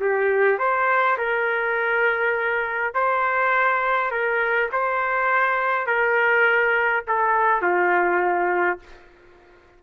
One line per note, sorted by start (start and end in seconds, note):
0.00 0.59 G4
0.59 1.17 C5
1.18 2.94 A#4
2.94 4.11 C5
4.11 4.70 A#4
4.72 5.87 C5
5.87 7.04 A#4
7.07 7.62 A4
7.62 8.79 F4